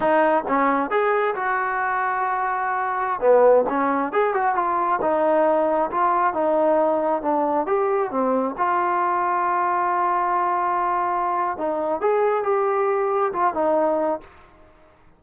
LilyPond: \new Staff \with { instrumentName = "trombone" } { \time 4/4 \tempo 4 = 135 dis'4 cis'4 gis'4 fis'4~ | fis'2.~ fis'16 b8.~ | b16 cis'4 gis'8 fis'8 f'4 dis'8.~ | dis'4~ dis'16 f'4 dis'4.~ dis'16~ |
dis'16 d'4 g'4 c'4 f'8.~ | f'1~ | f'2 dis'4 gis'4 | g'2 f'8 dis'4. | }